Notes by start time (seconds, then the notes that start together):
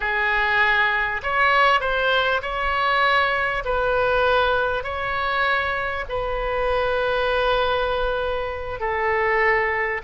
0.00 G#4
1.22 C#5
1.80 C5
2.42 C#5
3.64 B4
4.83 C#5
6.08 B4
8.80 A4